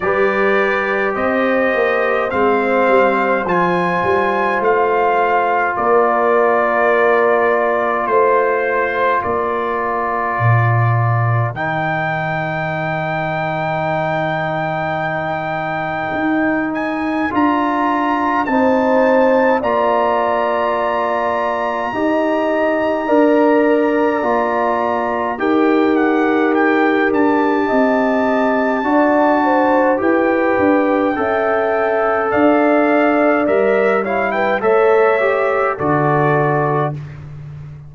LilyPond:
<<
  \new Staff \with { instrumentName = "trumpet" } { \time 4/4 \tempo 4 = 52 d''4 dis''4 f''4 gis''4 | f''4 d''2 c''4 | d''2 g''2~ | g''2~ g''8 gis''8 ais''4 |
a''4 ais''2.~ | ais''2 g''8 fis''8 g''8 a''8~ | a''2 g''2 | f''4 e''8 f''16 g''16 e''4 d''4 | }
  \new Staff \with { instrumentName = "horn" } { \time 4/4 b'4 c''2.~ | c''4 ais'2 c''4 | ais'1~ | ais'1 |
c''4 d''2 dis''4 | d''2 ais'2 | dis''4 d''8 c''8 b'4 e''4 | d''4. cis''16 b'16 cis''4 a'4 | }
  \new Staff \with { instrumentName = "trombone" } { \time 4/4 g'2 c'4 f'4~ | f'1~ | f'2 dis'2~ | dis'2. f'4 |
dis'4 f'2 g'4 | ais'4 f'4 g'2~ | g'4 fis'4 g'4 a'4~ | a'4 ais'8 e'8 a'8 g'8 fis'4 | }
  \new Staff \with { instrumentName = "tuba" } { \time 4/4 g4 c'8 ais8 gis8 g8 f8 g8 | a4 ais2 a4 | ais4 ais,4 dis2~ | dis2 dis'4 d'4 |
c'4 ais2 dis'4 | d'4 ais4 dis'4. d'8 | c'4 d'4 e'8 d'8 cis'4 | d'4 g4 a4 d4 | }
>>